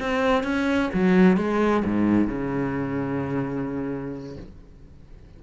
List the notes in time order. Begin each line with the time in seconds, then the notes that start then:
0.00 C4
0.44 C#4
0.94 F#3
1.37 G#3
1.85 G#2
2.28 C#3